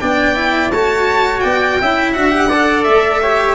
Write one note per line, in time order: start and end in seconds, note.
0.00 0.72 B3
0.00 0.35 D4
0.00 0.73 D5
0.00 0.71 G5
0.35 0.71 E4
0.72 1.43 A3
0.72 1.82 F#4
0.72 1.43 C#5
0.72 1.40 A5
1.40 1.80 B3
1.40 1.79 D5
1.40 2.12 G5
1.81 2.16 C#4
1.81 2.15 E4
1.81 2.49 E5
2.13 2.87 D4
2.13 2.30 F#4
2.13 2.84 F#5
2.30 2.48 G4
2.49 3.23 A4
2.49 3.21 D5
2.84 3.56 A3
2.84 3.56 E5
3.22 3.56 G4
3.22 3.56 C#5